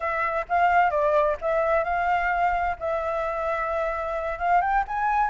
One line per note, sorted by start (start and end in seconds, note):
0.00 0.45 E5
0.48 0.90 F5
0.90 1.36 D5
1.41 1.84 E5
1.84 2.76 F5
2.79 4.38 E5
4.38 4.61 F5
4.61 4.84 G5
4.87 5.30 G#5